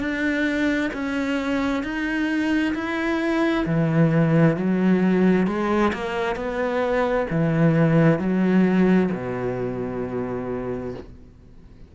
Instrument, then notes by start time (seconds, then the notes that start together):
cello
0.00 D4
0.94 C#4
1.84 D#4
2.75 E4
3.66 E3
4.57 F#3
5.48 G#3
5.94 A#3
6.36 B3
7.31 E3
8.20 F#3
9.13 B2